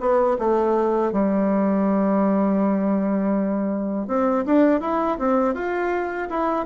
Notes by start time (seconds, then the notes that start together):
0.00 B3
0.39 A3
1.12 G3
4.07 C4
4.46 D4
4.80 E4
5.19 C4
5.54 F4
6.30 E4